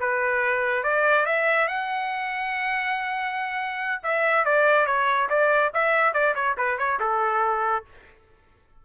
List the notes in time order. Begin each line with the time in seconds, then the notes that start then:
0.00 B4
0.83 D5
1.26 E5
1.68 F#5
4.03 E5
4.45 D5
4.86 C#5
5.30 D5
5.74 E5
6.13 D5
6.35 C#5
6.57 B4
6.78 C#5
7.00 A4